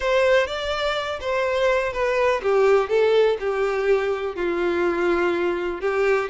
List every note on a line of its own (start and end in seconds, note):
0.00 0.47 C5
0.47 1.19 D5
1.20 1.92 C5
1.92 2.41 B4
2.42 2.89 G4
2.89 3.37 A4
3.39 4.35 G4
4.35 5.80 F4
5.80 6.29 G4